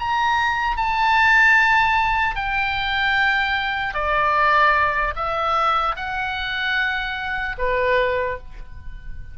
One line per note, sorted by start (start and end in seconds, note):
0.00 0.77 A#5
0.77 2.36 A5
2.36 3.95 G5
3.95 5.15 D5
5.16 5.96 E5
5.96 7.56 F#5
7.58 8.38 B4